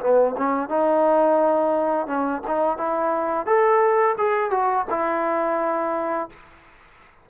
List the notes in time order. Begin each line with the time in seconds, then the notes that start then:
0.00 B3
0.37 C#4
0.69 D#4
2.07 C#4
2.47 D#4
2.77 E4
3.46 A4
4.18 G#4
4.51 F#4
4.90 E4